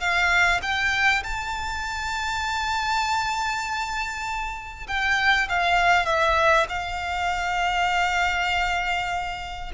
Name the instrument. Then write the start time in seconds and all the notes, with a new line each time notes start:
violin
0.00 F5
0.62 G5
1.23 A5
4.87 G5
5.49 F5
6.06 E5
6.69 F5